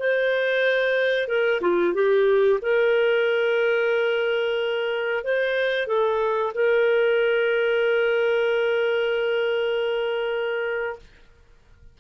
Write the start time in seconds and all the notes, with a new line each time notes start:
0.00 C5
1.28 A#4
1.61 F4
1.94 G4
2.62 A#4
5.24 C5
5.87 A4
6.55 A#4